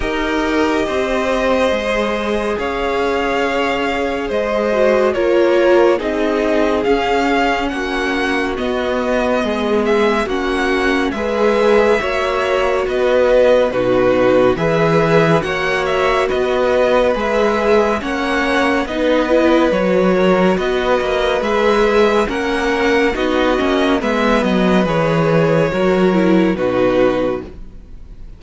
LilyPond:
<<
  \new Staff \with { instrumentName = "violin" } { \time 4/4 \tempo 4 = 70 dis''2. f''4~ | f''4 dis''4 cis''4 dis''4 | f''4 fis''4 dis''4. e''8 | fis''4 e''2 dis''4 |
b'4 e''4 fis''8 e''8 dis''4 | e''4 fis''4 dis''4 cis''4 | dis''4 e''4 fis''4 dis''4 | e''8 dis''8 cis''2 b'4 | }
  \new Staff \with { instrumentName = "violin" } { \time 4/4 ais'4 c''2 cis''4~ | cis''4 c''4 ais'4 gis'4~ | gis'4 fis'2 gis'4 | fis'4 b'4 cis''4 b'4 |
fis'4 b'4 cis''4 b'4~ | b'4 cis''4 b'4. ais'8 | b'2 ais'4 fis'4 | b'2 ais'4 fis'4 | }
  \new Staff \with { instrumentName = "viola" } { \time 4/4 g'2 gis'2~ | gis'4. fis'8 f'4 dis'4 | cis'2 b2 | cis'4 gis'4 fis'2 |
dis'4 gis'4 fis'2 | gis'4 cis'4 dis'8 e'8 fis'4~ | fis'4 gis'4 cis'4 dis'8 cis'8 | b4 gis'4 fis'8 e'8 dis'4 | }
  \new Staff \with { instrumentName = "cello" } { \time 4/4 dis'4 c'4 gis4 cis'4~ | cis'4 gis4 ais4 c'4 | cis'4 ais4 b4 gis4 | ais4 gis4 ais4 b4 |
b,4 e4 ais4 b4 | gis4 ais4 b4 fis4 | b8 ais8 gis4 ais4 b8 ais8 | gis8 fis8 e4 fis4 b,4 | }
>>